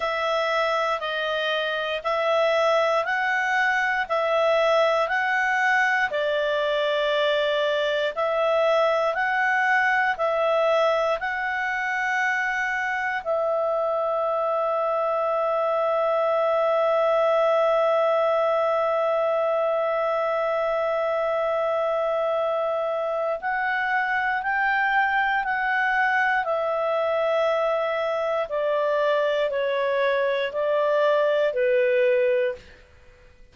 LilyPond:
\new Staff \with { instrumentName = "clarinet" } { \time 4/4 \tempo 4 = 59 e''4 dis''4 e''4 fis''4 | e''4 fis''4 d''2 | e''4 fis''4 e''4 fis''4~ | fis''4 e''2.~ |
e''1~ | e''2. fis''4 | g''4 fis''4 e''2 | d''4 cis''4 d''4 b'4 | }